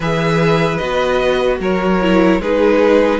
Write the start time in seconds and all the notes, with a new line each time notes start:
0.00 E3 G#4 B4 E5
0.77 B3 F#4 D#5
1.60 F#3 A#4 C#5
2.01 E4
2.39 G#3 D#4 G#4 B4